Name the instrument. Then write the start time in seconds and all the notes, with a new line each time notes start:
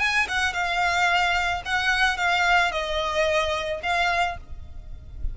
violin
0.00 G#5
0.29 F#5
0.54 F5
1.66 F#5
2.18 F5
2.72 D#5
3.83 F5